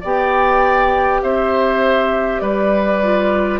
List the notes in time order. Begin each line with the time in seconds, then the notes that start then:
0.00 B3 G4 D5 G5
1.22 C4 C5 E5
2.40 G3 B4 D5
3.02 F4